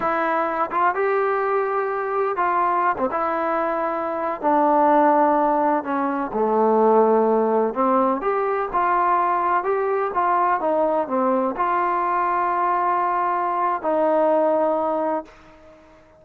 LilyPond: \new Staff \with { instrumentName = "trombone" } { \time 4/4 \tempo 4 = 126 e'4. f'8 g'2~ | g'4 f'4~ f'16 c'16 e'4.~ | e'4~ e'16 d'2~ d'8.~ | d'16 cis'4 a2~ a8.~ |
a16 c'4 g'4 f'4.~ f'16~ | f'16 g'4 f'4 dis'4 c'8.~ | c'16 f'2.~ f'8.~ | f'4 dis'2. | }